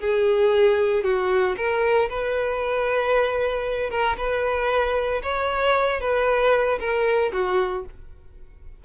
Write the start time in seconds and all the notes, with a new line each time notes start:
0.00 G#4
1.03 F#4
1.57 A#4
2.09 B4
3.90 A#4
4.17 B4
5.22 C#5
6.00 B4
6.79 A#4
7.32 F#4